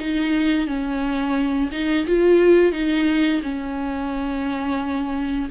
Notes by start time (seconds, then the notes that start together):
0.00 D#4
0.67 C#4
1.72 D#4
2.07 F4
2.73 D#4
3.43 C#4